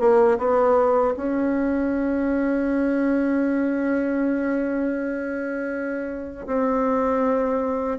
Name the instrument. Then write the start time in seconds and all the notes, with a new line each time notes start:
bassoon
0.00 A#3
0.38 B3
1.17 C#4
6.47 C4